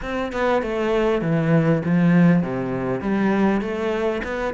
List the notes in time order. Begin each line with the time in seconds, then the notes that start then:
0.02 C4
0.32 B3
0.62 A3
1.21 E3
1.85 F3
2.42 C3
3.00 G3
3.61 A3
4.23 B3